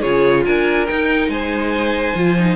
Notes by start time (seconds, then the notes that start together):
0.00 C#3 F4 G#4 C#5
0.45 D4 A#4 G#5
0.86 D#4 G5
1.28 G#3 C5 G#5
2.15 F3 F4
2.39 D#4